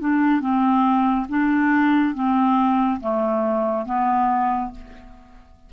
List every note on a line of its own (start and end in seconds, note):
0.00 0.41 D4
0.41 1.27 C4
1.29 2.15 D4
2.15 3.00 C4
3.00 3.86 A3
3.86 4.71 B3